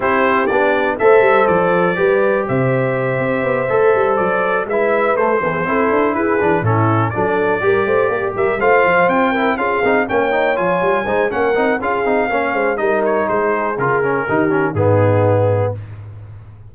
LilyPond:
<<
  \new Staff \with { instrumentName = "trumpet" } { \time 4/4 \tempo 4 = 122 c''4 d''4 e''4 d''4~ | d''4 e''2.~ | e''8 d''4 e''4 c''4.~ | c''8 b'4 a'4 d''4.~ |
d''4 e''8 f''4 g''4 f''8~ | f''8 g''4 gis''4. fis''4 | f''2 dis''8 cis''8 c''4 | ais'2 gis'2 | }
  \new Staff \with { instrumentName = "horn" } { \time 4/4 g'2 c''2 | b'4 c''2.~ | c''4. b'4. a'16 gis'16 a'8~ | a'8 gis'4 e'4 a'4 ais'8 |
c''8 g'8 ais'8 c''4. ais'8 gis'8~ | gis'8 cis''2 c''8 ais'4 | gis'4 cis''8 c''8 ais'4 gis'4~ | gis'4 g'4 dis'2 | }
  \new Staff \with { instrumentName = "trombone" } { \time 4/4 e'4 d'4 a'2 | g'2.~ g'8 a'8~ | a'4. e'4 a8 e8 e'8~ | e'4 d'8 cis'4 d'4 g'8~ |
g'4. f'4. e'8 f'8 | dis'8 cis'8 dis'8 f'4 dis'8 cis'8 dis'8 | f'8 dis'8 cis'4 dis'2 | f'8 cis'8 dis'8 cis'8 b2 | }
  \new Staff \with { instrumentName = "tuba" } { \time 4/4 c'4 b4 a8 g8 f4 | g4 c4. c'8 b8 a8 | g8 fis4 gis4 a8 b8 c'8 | d'8 e'8 e8 a,4 fis4 g8 |
a8 ais8 g8 a8 f8 c'4 cis'8 | c'8 ais4 f8 g8 gis8 ais8 c'8 | cis'8 c'8 ais8 gis8 g4 gis4 | cis4 dis4 gis,2 | }
>>